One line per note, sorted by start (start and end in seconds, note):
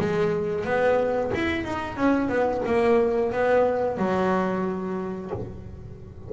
0.00 0.65 G#3
0.65 1.32 B3
1.35 1.64 E4
1.64 1.97 D#4
1.97 2.29 C#4
2.29 2.62 B3
2.66 3.32 A#3
3.32 3.98 B3
3.98 5.31 F#3